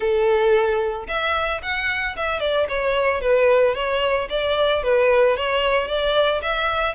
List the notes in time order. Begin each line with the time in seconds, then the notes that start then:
0.00 A4
1.07 E5
1.62 F#5
2.16 E5
2.40 D5
2.68 C#5
3.21 B4
3.74 C#5
4.29 D5
4.83 B4
5.36 C#5
5.87 D5
6.42 E5